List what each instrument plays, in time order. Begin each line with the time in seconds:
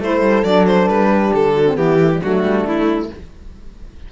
0.00 cello A3, saxophone E4, horn A4, violin C5
0.22 cello G3
0.44 cello F#3, saxophone D4, violin D5
0.67 violin C5
0.88 cello G3, violin B4
1.10 horn G4
1.34 cello D3, violin A4
1.54 horn F#4
1.67 saxophone C4
1.76 cello E3, saxophone B3, horn E4, violin G4
2.01 saxophone A3
2.13 saxophone G3
2.21 cello F#3, saxophone A3, horn D4, violin F#4
2.44 cello G3
2.65 cello A3, violin E4